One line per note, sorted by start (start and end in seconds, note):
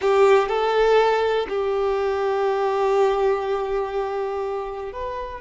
0.01 0.48 G4
0.48 1.46 A4
1.49 4.92 G4
4.92 5.40 B4